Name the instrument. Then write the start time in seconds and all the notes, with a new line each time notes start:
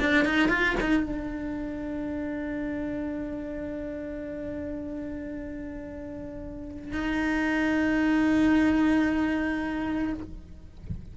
cello
0.00 D4
0.25 D#4
0.49 F4
0.80 D#4
1.03 D4
6.92 D#4